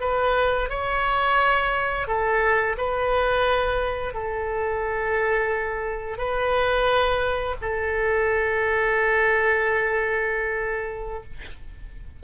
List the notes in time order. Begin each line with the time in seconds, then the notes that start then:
0.00 B4
0.69 C#5
2.07 A4
2.77 B4
4.13 A4
6.18 B4
7.61 A4